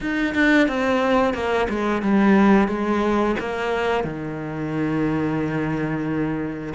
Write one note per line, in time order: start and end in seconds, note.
0.00 0.34 D#4
0.34 0.67 D4
0.68 1.34 C4
1.34 1.67 A#3
1.69 2.01 G#3
2.01 2.68 G3
2.68 3.35 G#3
3.39 4.04 A#3
4.04 6.73 D#3